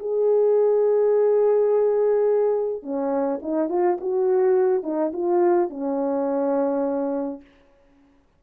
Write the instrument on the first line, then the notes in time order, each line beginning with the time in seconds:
horn
0.00 G#4
2.83 C#4
3.43 D#4
3.70 F4
4.01 F#4
4.84 D#4
5.14 F4
5.70 C#4